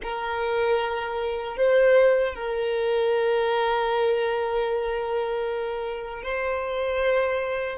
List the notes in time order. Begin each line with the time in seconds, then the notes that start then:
0.02 A#4
1.57 C5
2.34 A#4
6.22 C5